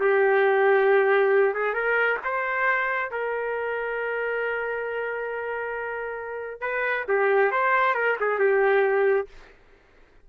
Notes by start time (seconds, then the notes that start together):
0.00 G4
1.54 G#4
1.74 A#4
2.24 C5
3.11 A#4
6.61 B4
7.08 G4
7.52 C5
7.95 A#4
8.20 G#4
8.39 G4